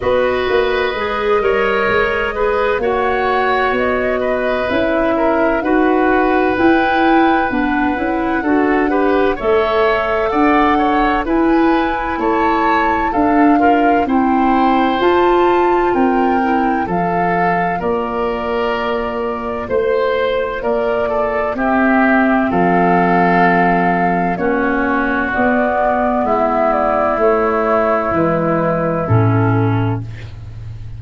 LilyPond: <<
  \new Staff \with { instrumentName = "flute" } { \time 4/4 \tempo 4 = 64 dis''2. fis''4 | dis''4 e''4 fis''4 g''4 | fis''2 e''4 fis''4 | gis''4 a''4 f''4 g''4 |
a''4 g''4 f''4 d''4~ | d''4 c''4 d''4 e''4 | f''2 cis''4 d''4 | e''8 d''8 cis''4 b'4 a'4 | }
  \new Staff \with { instrumentName = "oboe" } { \time 4/4 b'4. cis''4 b'8 cis''4~ | cis''8 b'4 ais'8 b'2~ | b'4 a'8 b'8 cis''4 d''8 cis''8 | b'4 cis''4 a'8 f'8 c''4~ |
c''4 ais'4 a'4 ais'4~ | ais'4 c''4 ais'8 a'8 g'4 | a'2 fis'2 | e'1 | }
  \new Staff \with { instrumentName = "clarinet" } { \time 4/4 fis'4 gis'8 ais'4 gis'8 fis'4~ | fis'4 e'4 fis'4 e'4 | d'8 e'8 fis'8 g'8 a'2 | e'2 d'8 ais'8 e'4 |
f'4. e'8 f'2~ | f'2. c'4~ | c'2 cis'4 b4~ | b4 a4 gis4 cis'4 | }
  \new Staff \with { instrumentName = "tuba" } { \time 4/4 b8 ais8 gis8 g8 gis4 ais4 | b4 cis'4 dis'4 e'4 | b8 cis'8 d'4 a4 d'4 | e'4 a4 d'4 c'4 |
f'4 c'4 f4 ais4~ | ais4 a4 ais4 c'4 | f2 ais4 b4 | gis4 a4 e4 a,4 | }
>>